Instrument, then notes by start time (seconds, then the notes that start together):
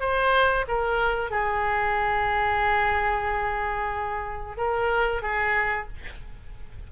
oboe
0.00 C5
0.68 A#4
1.30 G#4
4.57 A#4
5.22 G#4